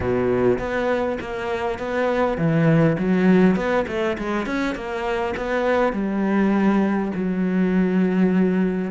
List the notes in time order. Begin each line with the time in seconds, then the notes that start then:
0.00 B2
0.59 B3
1.20 A#3
1.78 B3
2.37 E3
2.98 F#3
3.55 B3
3.87 A3
4.18 G#3
4.46 C#4
4.75 A#3
5.37 B3
5.92 G3
7.14 F#3